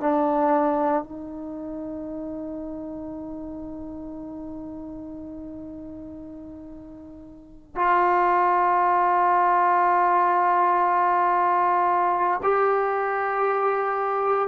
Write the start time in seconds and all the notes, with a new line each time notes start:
0.00 D4
1.03 D#4
7.75 F4
12.43 G4